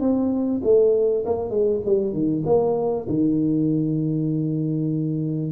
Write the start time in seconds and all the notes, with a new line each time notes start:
0.00 C4
0.64 A3
1.26 A#3
1.50 G#3
1.85 G3
2.13 D#3
2.46 A#3
3.09 D#3